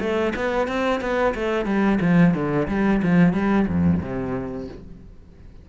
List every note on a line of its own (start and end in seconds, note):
0.00 0.33 A3
0.36 0.68 B3
0.68 1.01 C4
1.01 1.34 B3
1.35 1.66 A3
1.66 1.99 G3
2.01 2.34 F3
2.34 2.68 D3
2.68 3.02 G3
3.03 3.33 F3
3.33 3.66 G3
3.68 4.01 F2
4.02 4.68 C3